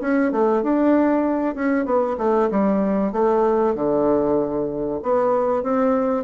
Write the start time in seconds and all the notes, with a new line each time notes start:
0.00 C#4
0.31 A3
0.62 D4
1.55 C#4
1.85 B3
2.18 A3
2.50 G3
3.12 A3
3.75 D3
5.02 B3
5.62 C4